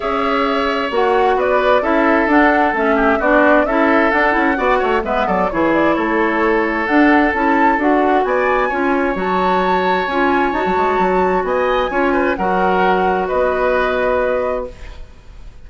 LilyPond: <<
  \new Staff \with { instrumentName = "flute" } { \time 4/4 \tempo 4 = 131 e''2 fis''4 d''4 | e''4 fis''4 e''4 d''4 | e''4 fis''2 e''8 d''8 | cis''8 d''8 cis''2 fis''4 |
a''4 fis''4 gis''2 | a''2 gis''4 a''4~ | a''4 gis''2 fis''4~ | fis''4 dis''2. | }
  \new Staff \with { instrumentName = "oboe" } { \time 4/4 cis''2. b'4 | a'2~ a'8 g'8 fis'4 | a'2 d''8 cis''8 b'8 a'8 | gis'4 a'2.~ |
a'2 d''4 cis''4~ | cis''1~ | cis''4 dis''4 cis''8 b'8 ais'4~ | ais'4 b'2. | }
  \new Staff \with { instrumentName = "clarinet" } { \time 4/4 gis'2 fis'2 | e'4 d'4 cis'4 d'4 | e'4 d'8 e'8 fis'4 b4 | e'2. d'4 |
e'4 fis'2 f'4 | fis'2 f'4 fis'4~ | fis'2 f'4 fis'4~ | fis'1 | }
  \new Staff \with { instrumentName = "bassoon" } { \time 4/4 cis'2 ais4 b4 | cis'4 d'4 a4 b4 | cis'4 d'8 cis'8 b8 a8 gis8 fis8 | e4 a2 d'4 |
cis'4 d'4 b4 cis'4 | fis2 cis'4 dis'16 fis16 gis8 | fis4 b4 cis'4 fis4~ | fis4 b2. | }
>>